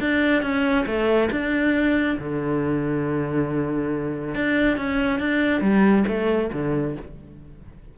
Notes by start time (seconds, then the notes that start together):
0.00 D4
0.42 C#4
0.86 A3
1.31 D4
2.19 D3
4.35 D4
4.77 C#4
5.20 D4
5.61 G3
6.08 A3
6.53 D3